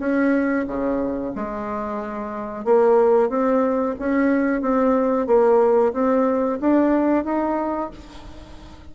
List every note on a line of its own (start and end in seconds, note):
0.00 0.66 C#4
0.68 1.34 C#3
1.35 2.65 G#3
2.65 3.30 A#3
3.30 3.96 C4
4.00 4.62 C#4
4.62 5.27 C4
5.27 5.93 A#3
5.94 6.60 C4
6.61 7.25 D4
7.25 7.91 D#4